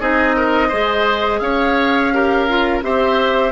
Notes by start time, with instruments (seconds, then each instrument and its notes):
0.00 bassoon C4, clarinet D#4, oboe G#4, flute D#5
0.36 oboe A#4
0.68 bassoon G#3, clarinet G#4, oboe C5
1.39 bassoon C#4, oboe C#5, flute F5
2.13 clarinet G4, oboe A#4
2.48 clarinet F4
2.82 bassoon C4, clarinet G4, oboe C5, flute E5